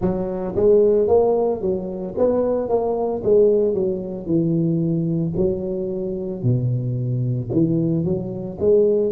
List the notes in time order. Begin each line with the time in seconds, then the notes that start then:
0.00 F#3
0.56 G#3
1.07 A#3
1.61 F#3
2.17 B3
2.68 A#3
3.23 G#3
3.74 F#3
4.26 E3
5.36 F#3
6.42 B2
7.51 E3
8.04 F#3
8.60 G#3